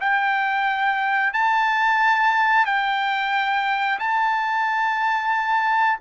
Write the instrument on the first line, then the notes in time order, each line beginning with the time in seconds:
trumpet
0.00 G5
1.33 A5
2.65 G5
3.99 A5